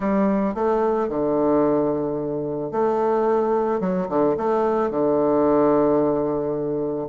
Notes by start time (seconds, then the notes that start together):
0.00 G3
0.54 A3
1.09 D3
2.71 A3
3.80 F#3
4.08 D3
4.37 A3
4.90 D3